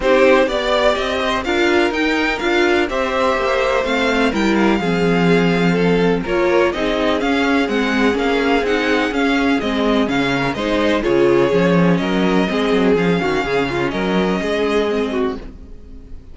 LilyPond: <<
  \new Staff \with { instrumentName = "violin" } { \time 4/4 \tempo 4 = 125 c''4 d''4 dis''4 f''4 | g''4 f''4 e''2 | f''4 g''8 f''2~ f''8~ | f''4 cis''4 dis''4 f''4 |
fis''4 f''4 fis''4 f''4 | dis''4 f''4 dis''4 cis''4~ | cis''4 dis''2 f''4~ | f''4 dis''2. | }
  \new Staff \with { instrumentName = "violin" } { \time 4/4 g'4 d''4. c''8 ais'4~ | ais'2 c''2~ | c''4 ais'4 gis'2 | a'4 ais'4 gis'2~ |
gis'1~ | gis'4. ais'8 c''4 gis'4~ | gis'4 ais'4 gis'4. fis'8 | gis'8 f'8 ais'4 gis'4. fis'8 | }
  \new Staff \with { instrumentName = "viola" } { \time 4/4 dis'4 g'2 f'4 | dis'4 f'4 g'2 | c'4 e'4 c'2~ | c'4 f'4 dis'4 cis'4 |
c'4 cis'4 dis'4 cis'4 | c'4 cis'4 dis'4 f'4 | cis'2 c'4 cis'4~ | cis'2. c'4 | }
  \new Staff \with { instrumentName = "cello" } { \time 4/4 c'4 b4 c'4 d'4 | dis'4 d'4 c'4 ais4 | a4 g4 f2~ | f4 ais4 c'4 cis'4 |
gis4 ais4 c'4 cis'4 | gis4 cis4 gis4 cis4 | f4 fis4 gis8 fis8 f8 dis8 | cis4 fis4 gis2 | }
>>